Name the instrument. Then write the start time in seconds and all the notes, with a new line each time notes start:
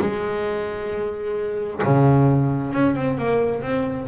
double bass
0.00 G#3
1.83 C#3
2.73 C#4
2.95 C4
3.18 A#3
3.61 C4